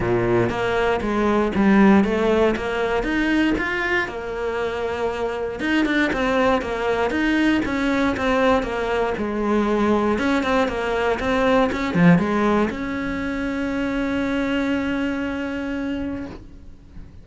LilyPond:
\new Staff \with { instrumentName = "cello" } { \time 4/4 \tempo 4 = 118 ais,4 ais4 gis4 g4 | a4 ais4 dis'4 f'4 | ais2. dis'8 d'8 | c'4 ais4 dis'4 cis'4 |
c'4 ais4 gis2 | cis'8 c'8 ais4 c'4 cis'8 f8 | gis4 cis'2.~ | cis'1 | }